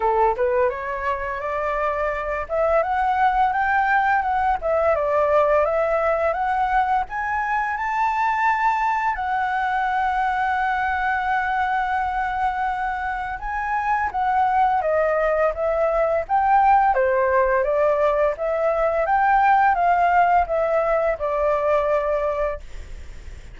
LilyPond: \new Staff \with { instrumentName = "flute" } { \time 4/4 \tempo 4 = 85 a'8 b'8 cis''4 d''4. e''8 | fis''4 g''4 fis''8 e''8 d''4 | e''4 fis''4 gis''4 a''4~ | a''4 fis''2.~ |
fis''2. gis''4 | fis''4 dis''4 e''4 g''4 | c''4 d''4 e''4 g''4 | f''4 e''4 d''2 | }